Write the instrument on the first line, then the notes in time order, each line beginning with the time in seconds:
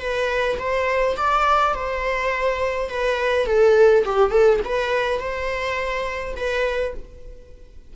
viola
0.00 B4
0.58 C5
1.16 D5
1.74 C5
2.90 B4
3.46 A4
4.05 G4
4.30 A4
4.64 B4
5.19 C5
6.36 B4